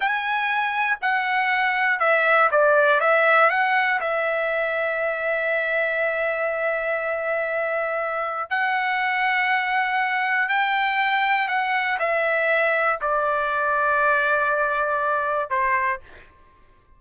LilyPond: \new Staff \with { instrumentName = "trumpet" } { \time 4/4 \tempo 4 = 120 gis''2 fis''2 | e''4 d''4 e''4 fis''4 | e''1~ | e''1~ |
e''4 fis''2.~ | fis''4 g''2 fis''4 | e''2 d''2~ | d''2. c''4 | }